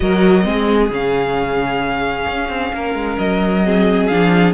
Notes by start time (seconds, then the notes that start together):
0.00 F#3 F#4 A#4 D#5
0.43 G#3 C4 G#4
0.89 C#3 C#4 F5
2.27 C#4
2.48 C4
2.72 A#3 A#4
2.94 G#3
3.18 F#3 D#5
3.64 C4 G#4
4.07 F3 D4 F5